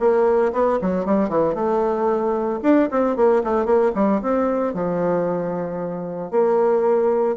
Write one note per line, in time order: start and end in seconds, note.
0.00 0.53 A#3
0.53 0.79 B3
0.82 1.06 F#3
1.06 1.29 G3
1.29 1.55 E3
1.55 2.60 A3
2.63 2.89 D4
2.91 3.17 C4
3.17 3.43 A#3
3.44 3.66 A3
3.66 3.92 A#3
3.95 4.22 G3
4.22 4.74 C4
4.74 6.32 F3
6.32 7.37 A#3